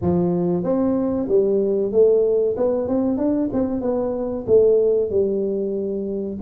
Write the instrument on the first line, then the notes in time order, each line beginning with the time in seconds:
tuba
0.01 F3
0.63 C4
1.28 G3
1.92 A3
2.56 B3
2.88 C4
3.17 D4
3.53 C4
3.81 B3
4.47 A3
5.09 G3